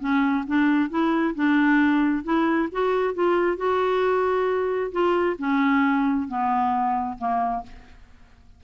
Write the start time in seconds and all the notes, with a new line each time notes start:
0.00 C#4
0.47 D4
0.90 E4
1.35 D4
2.24 E4
2.72 F#4
3.14 F4
3.57 F#4
4.92 F4
5.39 C#4
6.28 B3
7.18 A#3